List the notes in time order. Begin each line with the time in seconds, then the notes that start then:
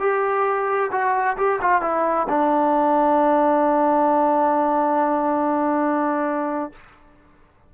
0.00 G4
0.92 F#4
1.38 G4
1.62 F4
1.82 E4
2.29 D4